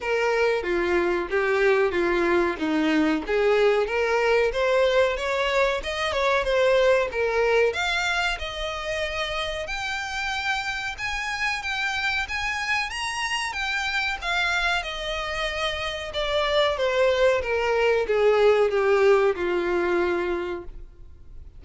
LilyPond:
\new Staff \with { instrumentName = "violin" } { \time 4/4 \tempo 4 = 93 ais'4 f'4 g'4 f'4 | dis'4 gis'4 ais'4 c''4 | cis''4 dis''8 cis''8 c''4 ais'4 | f''4 dis''2 g''4~ |
g''4 gis''4 g''4 gis''4 | ais''4 g''4 f''4 dis''4~ | dis''4 d''4 c''4 ais'4 | gis'4 g'4 f'2 | }